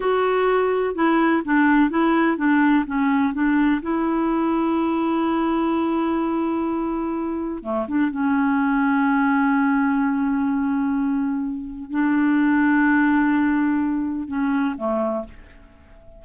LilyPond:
\new Staff \with { instrumentName = "clarinet" } { \time 4/4 \tempo 4 = 126 fis'2 e'4 d'4 | e'4 d'4 cis'4 d'4 | e'1~ | e'1 |
a8 d'8 cis'2.~ | cis'1~ | cis'4 d'2.~ | d'2 cis'4 a4 | }